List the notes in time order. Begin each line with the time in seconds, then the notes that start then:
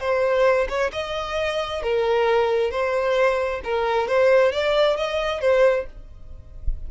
0.00 C5
0.69 C#5
0.92 D#5
1.83 A#4
2.71 C5
3.64 A#4
4.08 C5
4.52 D5
4.97 D#5
5.41 C5